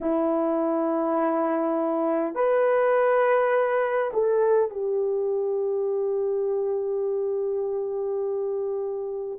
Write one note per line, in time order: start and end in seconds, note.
0.01 2.34 E4
2.34 4.11 B4
4.13 4.70 A4
4.70 9.39 G4